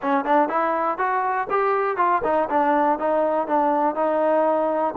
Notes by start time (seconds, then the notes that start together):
0.02 C#4
0.25 D4
0.48 E4
0.98 F#4
1.50 G4
1.97 F4
2.24 D#4
2.49 D4
2.99 D#4
3.47 D4
3.95 D#4